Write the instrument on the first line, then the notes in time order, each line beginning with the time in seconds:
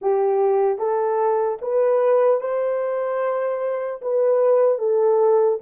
horn
0.01 G4
0.78 A4
1.61 B4
2.40 C5
4.01 B4
4.78 A4